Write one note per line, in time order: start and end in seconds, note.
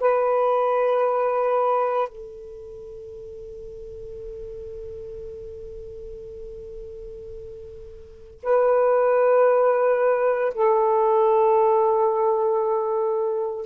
0.00 2.08 B4
2.08 8.40 A4
8.43 10.53 B4
10.54 13.66 A4